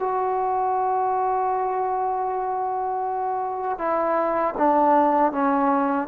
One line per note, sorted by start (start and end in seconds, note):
0.00 3.79 F#4
3.79 4.55 E4
4.58 5.32 D4
5.32 6.08 C#4